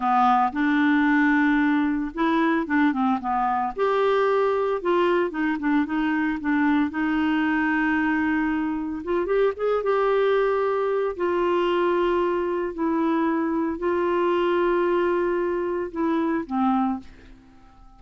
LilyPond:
\new Staff \with { instrumentName = "clarinet" } { \time 4/4 \tempo 4 = 113 b4 d'2. | e'4 d'8 c'8 b4 g'4~ | g'4 f'4 dis'8 d'8 dis'4 | d'4 dis'2.~ |
dis'4 f'8 g'8 gis'8 g'4.~ | g'4 f'2. | e'2 f'2~ | f'2 e'4 c'4 | }